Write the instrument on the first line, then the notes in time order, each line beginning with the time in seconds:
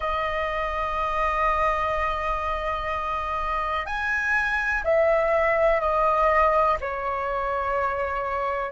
flute
0.00 D#5
3.86 G#5
4.84 E5
5.80 D#5
6.80 C#5